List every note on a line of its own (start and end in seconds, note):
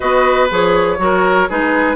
0.00 0.50 B3
0.00 0.49 F#4
0.00 0.97 B4
0.00 0.48 D#5
0.50 0.98 F3
0.50 0.97 G#4
0.50 1.50 C#5
0.97 1.48 F#3
0.97 1.47 F#4
0.97 1.49 A#4
1.49 1.95 G#3
1.49 1.95 D#4
1.49 1.95 G#4
1.49 1.95 B4